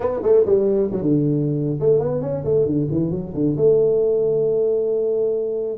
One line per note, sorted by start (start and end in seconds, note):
0.00 0.20 B3
0.22 0.44 A3
0.45 0.90 G3
0.91 1.01 F#3
1.01 1.79 D3
1.79 1.99 A3
1.99 2.21 B3
2.21 2.44 C#4
2.44 2.65 A3
2.65 2.88 D3
2.91 3.11 E3
3.11 3.33 F#3
3.34 3.56 D3
3.56 5.77 A3